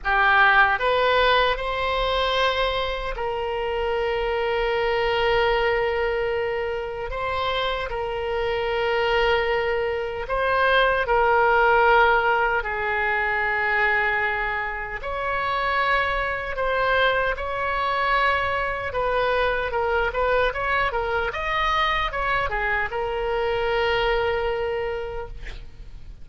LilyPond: \new Staff \with { instrumentName = "oboe" } { \time 4/4 \tempo 4 = 76 g'4 b'4 c''2 | ais'1~ | ais'4 c''4 ais'2~ | ais'4 c''4 ais'2 |
gis'2. cis''4~ | cis''4 c''4 cis''2 | b'4 ais'8 b'8 cis''8 ais'8 dis''4 | cis''8 gis'8 ais'2. | }